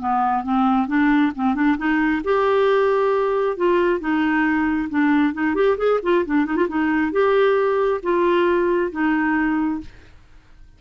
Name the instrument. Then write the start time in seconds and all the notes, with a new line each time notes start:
clarinet
0.00 B3
0.44 C4
0.88 D4
1.36 C4
1.55 D4
1.78 D#4
2.24 G4
3.57 F4
4.00 D#4
4.90 D4
5.34 D#4
5.55 G4
5.78 G#4
6.03 F4
6.26 D4
6.46 D#4
6.57 F4
6.69 D#4
7.12 G4
8.03 F4
8.92 D#4